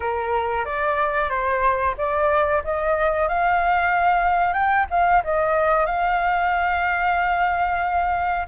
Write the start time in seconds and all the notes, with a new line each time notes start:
0.00 A#4
0.65 D5
1.29 C5
1.97 D5
2.64 D#5
3.28 F5
4.53 G5
4.90 F5
5.24 D#5
5.85 F5